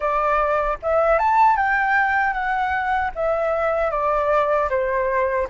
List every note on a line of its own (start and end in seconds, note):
0.00 0.78 D5
0.82 1.18 E5
1.18 1.56 A5
1.56 2.33 G5
2.33 3.11 F#5
3.15 3.90 E5
3.90 4.68 D5
4.69 5.47 C5